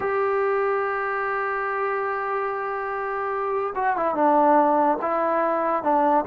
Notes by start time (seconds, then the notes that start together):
0.00 G4
3.75 F#4
3.96 E4
4.14 D4
5.01 E4
5.83 D4